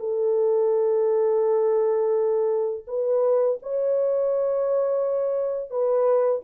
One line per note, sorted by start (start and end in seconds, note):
0.00 2.86 A4
2.87 3.59 B4
3.63 5.70 C#5
5.70 6.42 B4